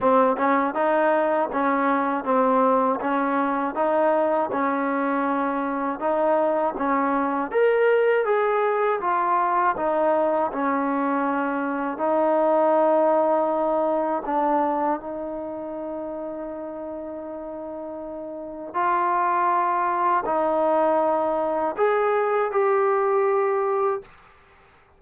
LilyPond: \new Staff \with { instrumentName = "trombone" } { \time 4/4 \tempo 4 = 80 c'8 cis'8 dis'4 cis'4 c'4 | cis'4 dis'4 cis'2 | dis'4 cis'4 ais'4 gis'4 | f'4 dis'4 cis'2 |
dis'2. d'4 | dis'1~ | dis'4 f'2 dis'4~ | dis'4 gis'4 g'2 | }